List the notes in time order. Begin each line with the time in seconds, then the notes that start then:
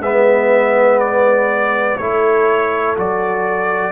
0.00 G#3 B3 B4 E5
0.99 D5
1.98 A3 E4 A4 C#5
2.97 F#3 F#4 D5